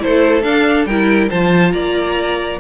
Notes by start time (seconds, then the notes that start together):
0.00 A3 E4 A4 C5
0.42 D4 F5
0.86 G3 E4 A#4 G5
1.30 F3 F4 C5 A5
1.72 A#3 D5 A#5